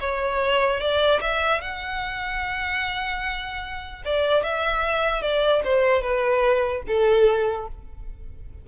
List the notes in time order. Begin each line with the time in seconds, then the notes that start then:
0.00 C#5
0.80 D5
1.21 E5
1.61 F#5
4.05 D5
4.43 E5
5.22 D5
5.64 C5
6.02 B4
6.87 A4